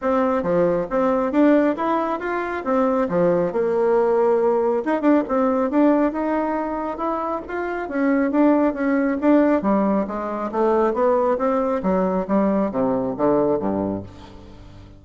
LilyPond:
\new Staff \with { instrumentName = "bassoon" } { \time 4/4 \tempo 4 = 137 c'4 f4 c'4 d'4 | e'4 f'4 c'4 f4 | ais2. dis'8 d'8 | c'4 d'4 dis'2 |
e'4 f'4 cis'4 d'4 | cis'4 d'4 g4 gis4 | a4 b4 c'4 fis4 | g4 c4 d4 g,4 | }